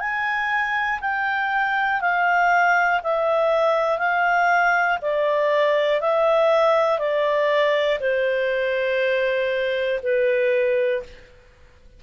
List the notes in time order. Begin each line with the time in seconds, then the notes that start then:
0.00 G#5
1.01 G5
2.01 F5
3.03 E5
3.99 F5
5.01 D5
6.01 E5
6.99 D5
8.00 C5
10.03 B4